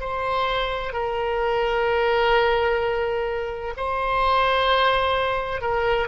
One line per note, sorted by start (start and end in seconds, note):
0.00 0.93 C5
0.93 3.74 A#4
3.77 5.61 C5
5.61 6.08 A#4